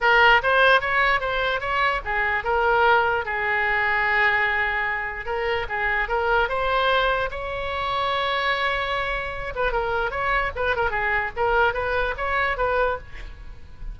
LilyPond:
\new Staff \with { instrumentName = "oboe" } { \time 4/4 \tempo 4 = 148 ais'4 c''4 cis''4 c''4 | cis''4 gis'4 ais'2 | gis'1~ | gis'4 ais'4 gis'4 ais'4 |
c''2 cis''2~ | cis''2.~ cis''8 b'8 | ais'4 cis''4 b'8 ais'8 gis'4 | ais'4 b'4 cis''4 b'4 | }